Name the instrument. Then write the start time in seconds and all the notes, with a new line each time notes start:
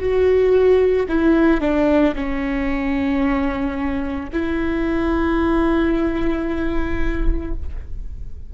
viola
0.00 F#4
1.09 E4
1.61 D4
2.16 C#4
4.33 E4